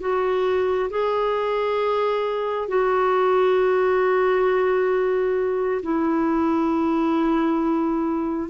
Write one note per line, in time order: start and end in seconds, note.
0.00 0.90 F#4
0.90 2.68 G#4
2.68 5.81 F#4
5.82 8.49 E4